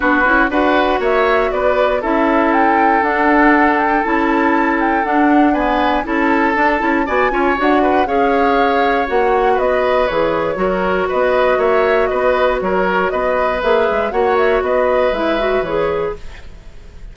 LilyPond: <<
  \new Staff \with { instrumentName = "flute" } { \time 4/4 \tempo 4 = 119 b'4 fis''4 e''4 d''4 | e''4 g''4 fis''4. g''8 | a''4. g''8 fis''4 gis''4 | a''2 gis''4 fis''4 |
f''2 fis''4 dis''4 | cis''2 dis''4 e''4 | dis''4 cis''4 dis''4 e''4 | fis''8 e''8 dis''4 e''4 cis''4 | }
  \new Staff \with { instrumentName = "oboe" } { \time 4/4 fis'4 b'4 cis''4 b'4 | a'1~ | a'2. b'4 | a'2 d''8 cis''4 b'8 |
cis''2. b'4~ | b'4 ais'4 b'4 cis''4 | b'4 ais'4 b'2 | cis''4 b'2. | }
  \new Staff \with { instrumentName = "clarinet" } { \time 4/4 d'8 e'8 fis'2. | e'2 d'2 | e'2 d'4 b4 | e'4 d'8 e'8 fis'8 f'8 fis'4 |
gis'2 fis'2 | gis'4 fis'2.~ | fis'2. gis'4 | fis'2 e'8 fis'8 gis'4 | }
  \new Staff \with { instrumentName = "bassoon" } { \time 4/4 b8 cis'8 d'4 ais4 b4 | cis'2 d'2 | cis'2 d'2 | cis'4 d'8 cis'8 b8 cis'8 d'4 |
cis'2 ais4 b4 | e4 fis4 b4 ais4 | b4 fis4 b4 ais8 gis8 | ais4 b4 gis4 e4 | }
>>